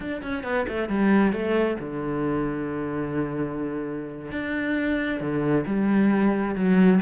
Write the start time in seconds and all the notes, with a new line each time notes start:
0.00 D4
0.22 C#4
0.43 B3
0.67 A3
0.88 G3
1.32 A3
1.79 D3
4.31 D4
5.20 D3
5.66 G3
6.55 F#3